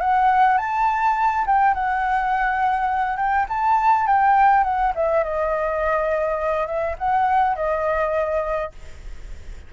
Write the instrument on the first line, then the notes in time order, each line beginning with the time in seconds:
flute
0.00 F#5
0.57 A5
1.46 G5
1.74 F#5
3.17 G5
3.49 A5
4.06 G5
4.63 F#5
4.95 E5
5.23 D#5
6.66 E5
6.98 F#5
7.55 D#5